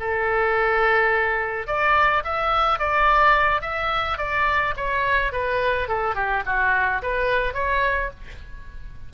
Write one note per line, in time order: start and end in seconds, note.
0.00 1.67 A4
1.67 2.23 D5
2.25 2.79 E5
2.79 3.62 D5
3.62 4.18 E5
4.18 4.74 D5
4.77 5.33 C#5
5.33 5.89 B4
5.89 6.15 A4
6.15 6.43 G4
6.46 7.02 F#4
7.03 7.54 B4
7.54 8.10 C#5